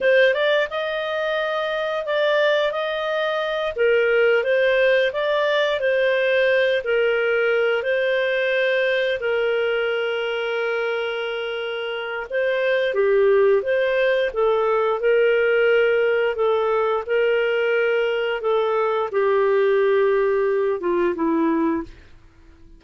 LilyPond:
\new Staff \with { instrumentName = "clarinet" } { \time 4/4 \tempo 4 = 88 c''8 d''8 dis''2 d''4 | dis''4. ais'4 c''4 d''8~ | d''8 c''4. ais'4. c''8~ | c''4. ais'2~ ais'8~ |
ais'2 c''4 g'4 | c''4 a'4 ais'2 | a'4 ais'2 a'4 | g'2~ g'8 f'8 e'4 | }